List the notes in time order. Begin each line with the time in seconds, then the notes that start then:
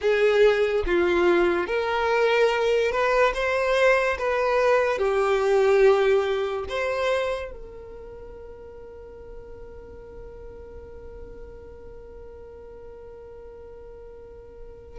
0.01 G#4
0.86 F4
1.66 A#4
2.91 B4
3.34 C5
4.18 B4
4.98 G4
6.69 C5
7.51 A#4